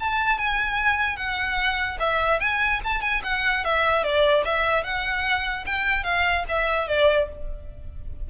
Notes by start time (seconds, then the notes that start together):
0.00 A5
0.38 G#5
1.16 F#5
1.99 E5
2.40 G#5
2.84 A5
3.01 G#5
3.24 F#5
3.64 E5
4.04 D5
4.45 E5
4.83 F#5
5.66 G5
6.04 F5
6.48 E5
6.88 D5